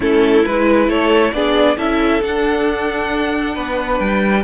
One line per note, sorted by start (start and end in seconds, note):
0.00 0.44 A3
0.00 0.42 C#4
0.00 0.87 E4
0.00 0.45 A4
0.44 0.87 G#3
0.44 1.33 E4
0.44 0.89 B4
0.87 1.32 A3
0.87 1.33 A4
0.87 1.33 C#5
1.32 1.77 B3
1.32 1.77 D4
1.32 1.77 G#4
1.32 1.77 D5
1.77 2.22 C#4
1.77 2.21 E4
1.77 3.54 A4
1.77 2.22 E5
2.21 4.43 D4
2.21 3.55 D4
2.21 3.99 F#5
3.54 4.00 B3
3.54 4.43 B4
3.99 4.43 G3
3.99 4.43 G5